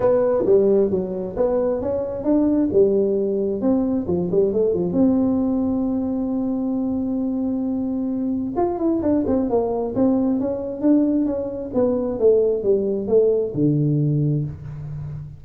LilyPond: \new Staff \with { instrumentName = "tuba" } { \time 4/4 \tempo 4 = 133 b4 g4 fis4 b4 | cis'4 d'4 g2 | c'4 f8 g8 a8 f8 c'4~ | c'1~ |
c'2. f'8 e'8 | d'8 c'8 ais4 c'4 cis'4 | d'4 cis'4 b4 a4 | g4 a4 d2 | }